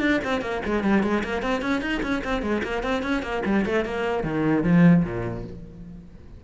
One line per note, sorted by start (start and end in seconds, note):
0.00 0.20 D4
0.24 0.41 C4
0.41 0.61 A#3
0.65 0.83 G#3
0.83 1.03 G3
1.03 1.23 G#3
1.23 1.42 A#3
1.42 1.61 C4
1.61 1.81 C#4
1.81 2.01 D#4
2.02 2.22 C#4
2.24 2.42 C4
2.42 2.62 G#3
2.63 2.83 A#3
2.83 3.02 C4
3.02 3.22 C#4
3.22 3.42 A#3
3.45 3.65 G3
3.65 3.85 A3
3.85 4.23 A#3
4.23 4.63 D#3
4.63 5.03 F3
5.04 5.44 A#2